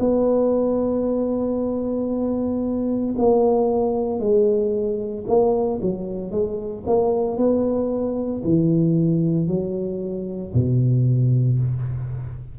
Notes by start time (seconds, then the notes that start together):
0.00 B3
3.18 A#3
4.20 G#3
5.28 A#3
5.82 F#3
6.32 G#3
6.87 A#3
7.38 B3
8.44 E3
9.48 F#3
10.55 B2